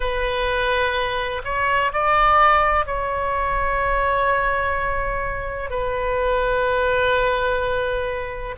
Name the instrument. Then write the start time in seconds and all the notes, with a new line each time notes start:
oboe
0.00 B4
1.44 C#5
1.93 D5
2.86 C#5
5.70 B4